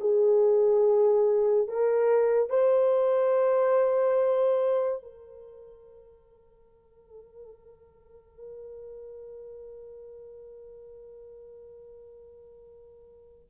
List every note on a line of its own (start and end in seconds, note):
0.00 1.68 G#4
1.68 2.50 A#4
2.50 5.03 C5
5.03 13.48 A#4